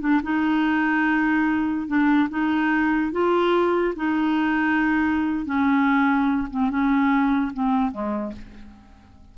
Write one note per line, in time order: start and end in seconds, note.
0.00 0.21 D4
0.23 1.87 D#4
1.87 2.28 D4
2.29 3.11 D#4
3.12 3.94 F4
3.96 5.45 D#4
5.45 6.48 C#4
6.50 6.69 C4
6.69 7.52 C#4
7.53 7.91 C4
7.91 8.32 G#3